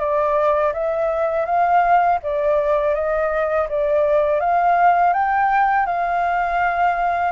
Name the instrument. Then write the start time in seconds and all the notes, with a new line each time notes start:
flute
0.00 D5
0.74 E5
1.46 F5
2.23 D5
2.95 D#5
3.69 D5
4.40 F5
5.14 G5
5.87 F5